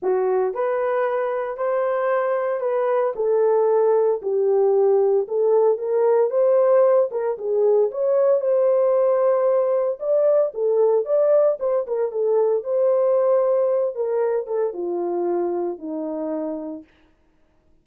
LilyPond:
\new Staff \with { instrumentName = "horn" } { \time 4/4 \tempo 4 = 114 fis'4 b'2 c''4~ | c''4 b'4 a'2 | g'2 a'4 ais'4 | c''4. ais'8 gis'4 cis''4 |
c''2. d''4 | a'4 d''4 c''8 ais'8 a'4 | c''2~ c''8 ais'4 a'8 | f'2 dis'2 | }